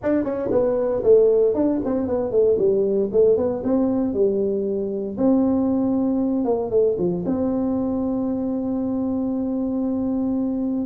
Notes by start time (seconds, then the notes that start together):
0.02 D4
0.24 C#4
0.51 B3
1.03 A3
1.54 D4
1.84 C4
2.07 B3
2.31 A3
2.58 G3
3.12 A3
3.36 B3
3.63 C4
4.13 G3
5.17 C4
6.44 A#3
6.70 A3
6.98 F3
7.25 C4